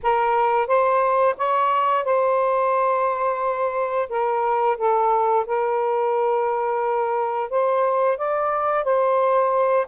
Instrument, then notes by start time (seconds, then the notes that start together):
saxophone
0.02 A#4
0.67 C5
1.37 C#5
2.04 C5
4.09 A#4
4.77 A4
5.46 A#4
7.50 C5
8.17 D5
8.84 C5